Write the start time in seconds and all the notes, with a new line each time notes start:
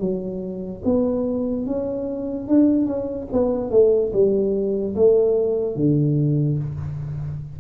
0.00 F#3
0.85 B3
1.67 C#4
2.48 D4
2.86 C#4
3.33 B3
3.71 A3
4.13 G3
4.96 A3
5.76 D3